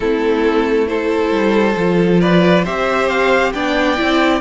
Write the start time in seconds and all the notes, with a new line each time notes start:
0.00 A3 C4 E4 A4
0.87 E4 A4 C5
1.31 G3
1.76 F3 F4
2.20 B4 D5
2.64 C4 G4 C5 E5
3.08 F5
3.52 B3 D4 D5 G5
3.96 C4 E4